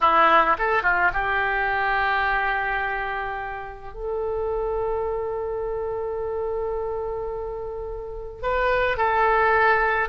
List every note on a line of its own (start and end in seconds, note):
0.00 0.56 E4
0.58 0.83 A4
0.83 1.11 F4
1.13 3.93 G4
3.93 8.42 A4
8.42 8.97 B4
8.97 10.09 A4